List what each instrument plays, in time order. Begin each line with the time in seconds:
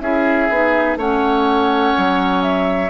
0.00 bassoon C#4, clarinet E4, oboe G#4, flute E5
0.50 bassoon B3, clarinet D#4
0.96 bassoon A3, clarinet C#4, oboe C#5, flute F#5
1.97 bassoon F#3
2.42 flute E5